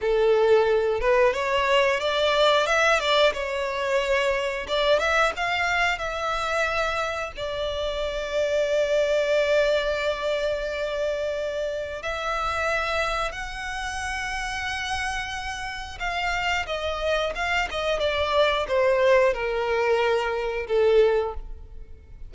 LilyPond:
\new Staff \with { instrumentName = "violin" } { \time 4/4 \tempo 4 = 90 a'4. b'8 cis''4 d''4 | e''8 d''8 cis''2 d''8 e''8 | f''4 e''2 d''4~ | d''1~ |
d''2 e''2 | fis''1 | f''4 dis''4 f''8 dis''8 d''4 | c''4 ais'2 a'4 | }